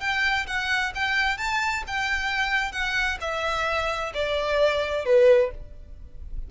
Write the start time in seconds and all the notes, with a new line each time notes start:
0.00 G5
0.46 F#5
0.94 G5
1.37 A5
1.87 G5
2.72 F#5
3.20 E5
4.13 D5
5.05 B4